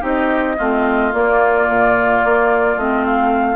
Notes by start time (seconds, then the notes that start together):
0.00 C4 D#4 G4 D#5
0.58 A3 C4 F4
1.12 A#3 D5
1.68 A#2
2.25 A#3
2.76 A3 C4 D#5
3.04 F5